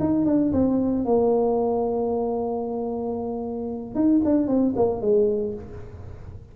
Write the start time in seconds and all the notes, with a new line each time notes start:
0.00 D#4
0.26 D4
0.53 C4
1.05 A#3
3.95 D#4
4.25 D4
4.48 C4
4.76 A#3
5.01 G#3